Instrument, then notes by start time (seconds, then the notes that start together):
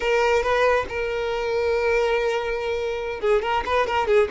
violin
0.00 A#4
0.42 B4
0.88 A#4
3.20 G#4
3.42 A#4
3.65 B4
3.86 A#4
4.07 G#4